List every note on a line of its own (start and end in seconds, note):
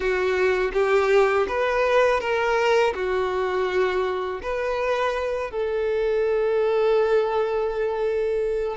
0.00 0.72 F#4
0.73 1.46 G4
1.47 2.20 B4
2.20 2.93 A#4
2.94 4.40 F#4
4.42 5.50 B4
5.50 8.76 A4